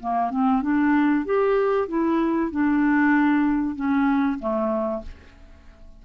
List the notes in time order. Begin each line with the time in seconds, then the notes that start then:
0.00 A#3
0.30 C4
0.62 D4
1.25 G4
1.88 E4
2.51 D4
3.76 C#4
4.39 A3